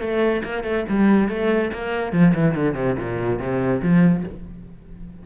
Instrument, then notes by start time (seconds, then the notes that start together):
cello
0.00 A3
0.44 A#3
0.63 A3
0.88 G3
1.29 A3
1.72 A#3
2.12 F3
2.34 E3
2.55 D3
2.75 C3
2.98 A#2
3.39 C3
3.82 F3